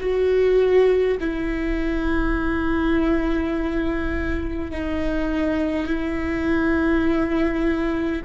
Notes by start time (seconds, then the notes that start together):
0.00 F#4
1.20 E4
4.71 D#4
5.87 E4